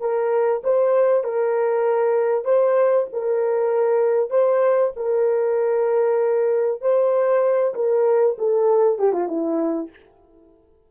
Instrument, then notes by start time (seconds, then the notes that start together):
horn
0.00 A#4
0.64 C5
1.23 A#4
2.45 C5
3.12 A#4
4.30 C5
4.96 A#4
6.81 C5
7.74 A#4
8.38 A4
8.98 G4
9.12 F4
9.28 E4